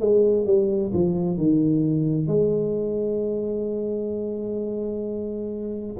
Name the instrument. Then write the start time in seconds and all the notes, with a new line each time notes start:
tuba
0.00 G#3
0.46 G3
0.94 F3
1.37 D#3
2.27 G#3